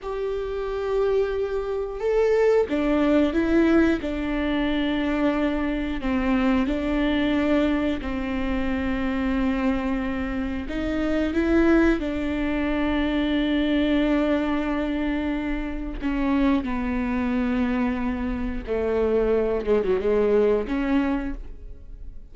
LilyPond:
\new Staff \with { instrumentName = "viola" } { \time 4/4 \tempo 4 = 90 g'2. a'4 | d'4 e'4 d'2~ | d'4 c'4 d'2 | c'1 |
dis'4 e'4 d'2~ | d'1 | cis'4 b2. | a4. gis16 fis16 gis4 cis'4 | }